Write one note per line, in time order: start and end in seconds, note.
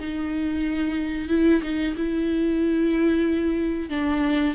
0.00 1.29 D#4
1.29 1.62 E4
1.63 1.95 D#4
1.97 3.90 E4
3.90 4.55 D4